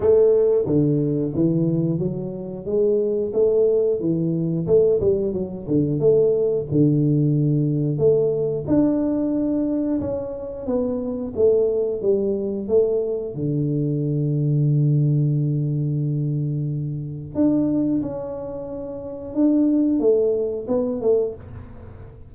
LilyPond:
\new Staff \with { instrumentName = "tuba" } { \time 4/4 \tempo 4 = 90 a4 d4 e4 fis4 | gis4 a4 e4 a8 g8 | fis8 d8 a4 d2 | a4 d'2 cis'4 |
b4 a4 g4 a4 | d1~ | d2 d'4 cis'4~ | cis'4 d'4 a4 b8 a8 | }